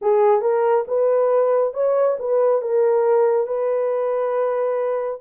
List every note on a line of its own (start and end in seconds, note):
0.01 0.41 G#4
0.41 0.85 A#4
0.87 1.73 B4
1.73 2.17 C#5
2.19 2.61 B4
2.61 3.47 A#4
3.47 5.21 B4